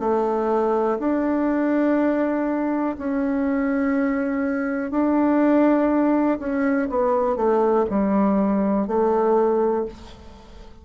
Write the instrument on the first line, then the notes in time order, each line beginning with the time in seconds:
bassoon
0.00 A3
0.99 D4
2.98 C#4
4.91 D4
6.39 C#4
6.90 B3
7.36 A3
7.90 G3
8.87 A3